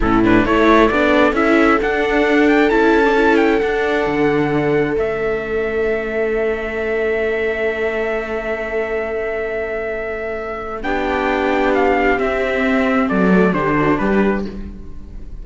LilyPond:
<<
  \new Staff \with { instrumentName = "trumpet" } { \time 4/4 \tempo 4 = 133 a'8 b'8 cis''4 d''4 e''4 | fis''4. g''8 a''4. g''8 | fis''2. e''4~ | e''1~ |
e''1~ | e''1 | g''2 f''4 e''4~ | e''4 d''4 c''4 b'4 | }
  \new Staff \with { instrumentName = "viola" } { \time 4/4 e'4 a'2.~ | a'1~ | a'1~ | a'1~ |
a'1~ | a'1 | g'1~ | g'4 a'4 g'8 fis'8 g'4 | }
  \new Staff \with { instrumentName = "viola" } { \time 4/4 cis'8 d'8 e'4 d'4 e'4 | d'2 e'8. d'16 e'4 | d'2. cis'4~ | cis'1~ |
cis'1~ | cis'1 | d'2. c'4~ | c'4. a8 d'2 | }
  \new Staff \with { instrumentName = "cello" } { \time 4/4 a,4 a4 b4 cis'4 | d'2 cis'2 | d'4 d2 a4~ | a1~ |
a1~ | a1 | b2. c'4~ | c'4 fis4 d4 g4 | }
>>